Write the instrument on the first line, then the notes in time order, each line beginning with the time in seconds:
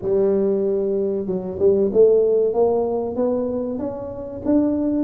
tuba
0.02 G3
1.26 F#3
1.59 G3
1.92 A3
2.53 A#3
3.16 B3
3.78 C#4
4.45 D4